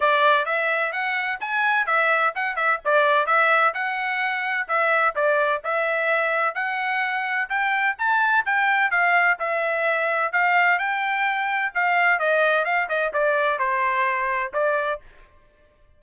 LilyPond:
\new Staff \with { instrumentName = "trumpet" } { \time 4/4 \tempo 4 = 128 d''4 e''4 fis''4 gis''4 | e''4 fis''8 e''8 d''4 e''4 | fis''2 e''4 d''4 | e''2 fis''2 |
g''4 a''4 g''4 f''4 | e''2 f''4 g''4~ | g''4 f''4 dis''4 f''8 dis''8 | d''4 c''2 d''4 | }